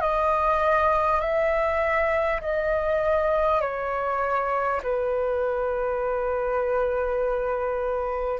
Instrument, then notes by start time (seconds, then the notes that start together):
flute
0.00 D#5
1.20 E5
2.41 D#5
3.61 C#5
4.83 B4